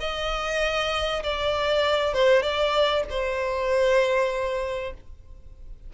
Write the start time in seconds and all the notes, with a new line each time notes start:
0.00 D#5
1.23 D5
2.13 C5
2.42 D5
3.10 C5